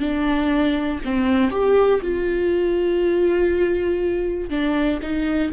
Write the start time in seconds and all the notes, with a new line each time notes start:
0.00 D4
1.05 C4
1.51 G4
2.02 F4
4.50 D4
5.02 D#4